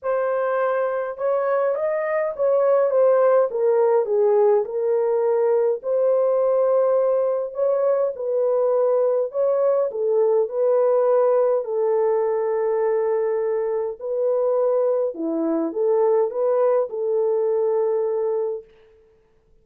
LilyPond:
\new Staff \with { instrumentName = "horn" } { \time 4/4 \tempo 4 = 103 c''2 cis''4 dis''4 | cis''4 c''4 ais'4 gis'4 | ais'2 c''2~ | c''4 cis''4 b'2 |
cis''4 a'4 b'2 | a'1 | b'2 e'4 a'4 | b'4 a'2. | }